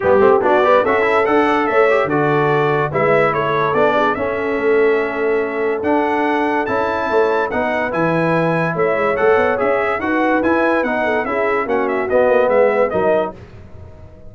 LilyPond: <<
  \new Staff \with { instrumentName = "trumpet" } { \time 4/4 \tempo 4 = 144 g'4 d''4 e''4 fis''4 | e''4 d''2 e''4 | cis''4 d''4 e''2~ | e''2 fis''2 |
a''2 fis''4 gis''4~ | gis''4 e''4 fis''4 e''4 | fis''4 gis''4 fis''4 e''4 | fis''8 e''8 dis''4 e''4 dis''4 | }
  \new Staff \with { instrumentName = "horn" } { \time 4/4 g'4 fis'8 b'8 a'4. d''8 | cis''4 a'2 b'4 | a'4. gis'8 a'2~ | a'1~ |
a'4 cis''4 b'2~ | b'4 cis''2. | b'2~ b'8 a'8 gis'4 | fis'2 b'4 ais'4 | }
  \new Staff \with { instrumentName = "trombone" } { \time 4/4 b8 c'8 d'8 g'8 fis'8 e'8 a'4~ | a'8 g'8 fis'2 e'4~ | e'4 d'4 cis'2~ | cis'2 d'2 |
e'2 dis'4 e'4~ | e'2 a'4 gis'4 | fis'4 e'4 dis'4 e'4 | cis'4 b2 dis'4 | }
  \new Staff \with { instrumentName = "tuba" } { \time 4/4 g8 a8 b4 cis'4 d'4 | a4 d2 gis4 | a4 b4 cis'4 a4~ | a2 d'2 |
cis'4 a4 b4 e4~ | e4 a8 gis8 a8 b8 cis'4 | dis'4 e'4 b4 cis'4 | ais4 b8 ais8 gis4 fis4 | }
>>